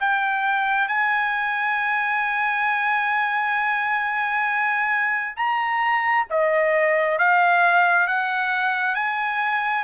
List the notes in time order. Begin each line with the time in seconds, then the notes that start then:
0.00 G5
0.88 G#5
5.37 A#5
6.30 D#5
7.19 F5
8.08 F#5
8.95 G#5